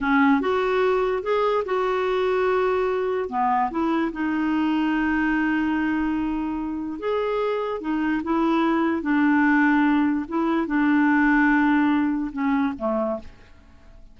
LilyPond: \new Staff \with { instrumentName = "clarinet" } { \time 4/4 \tempo 4 = 146 cis'4 fis'2 gis'4 | fis'1 | b4 e'4 dis'2~ | dis'1~ |
dis'4 gis'2 dis'4 | e'2 d'2~ | d'4 e'4 d'2~ | d'2 cis'4 a4 | }